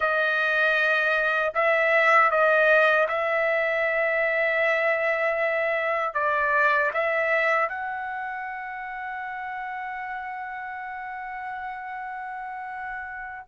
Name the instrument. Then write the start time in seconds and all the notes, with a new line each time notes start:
trumpet
0.00 D#5
1.54 E5
2.30 D#5
3.08 E5
6.14 D5
6.93 E5
7.69 F#5